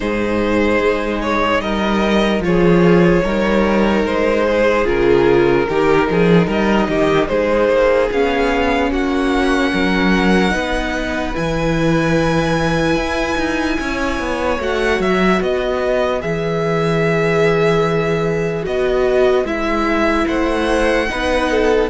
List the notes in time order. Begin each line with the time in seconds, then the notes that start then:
0.00 G#2 D#4 G#4 C5
0.80 G#3
1.21 C#5
1.60 G3 A#4 D#5
2.39 F3 F4 C#5
2.46 G#4
3.24 G3 D#4 A#4
4.04 G#3 C5
4.45 G#4
4.84 C#3 F4 A#4
5.68 D#3 D#4 G4
6.09 F3 G#4
6.46 G3 A#4 D#5
6.88 D#3 G4
7.28 G#3 G#4 C5
7.68 A#3
8.11 B3 C#4 F5
8.91 A#3 F#4 F#5
9.72 F#3 A#4
10.50 B3 D#4 B4
11.34 E3 E4 G#5
12.96 E4
13.37 D#4
13.79 C#4 C#5
14.19 B3
14.58 A3 F#4 F#5
14.99 F#3 E5
15.40 B3 B4 D#5
16.20 E3 G#4 E5
18.63 B3 F#4 D#5
19.44 G#3 E4 E5
20.26 A3 C5 F#5
21.09 B3 D#4 B4
21.50 A4